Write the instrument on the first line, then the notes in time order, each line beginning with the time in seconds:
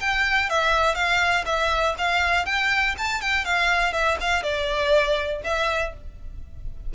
violin
0.00 G5
0.50 E5
0.95 F5
1.46 E5
1.98 F5
2.46 G5
2.98 A5
3.21 G5
3.45 F5
3.93 E5
4.20 F5
4.43 D5
5.44 E5